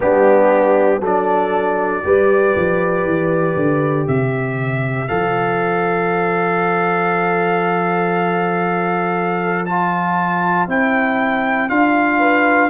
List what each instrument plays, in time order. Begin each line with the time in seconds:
0.00 tuba G3, trombone B3, horn D4, trumpet G4
1.00 tuba F#3, trombone D4, horn A4, trumpet D5
2.03 tuba G3, trombone G4, horn B4
2.56 tuba F3
3.04 tuba E3
3.56 tuba D3
4.07 tuba C3, horn C5, trumpet E5
5.07 tuba F3, trombone A4, trumpet F5
9.65 trombone F4, trumpet A5
10.67 tuba C4, trombone E4, trumpet G5
11.69 tuba D4, trombone F4, trumpet F5
12.18 horn B4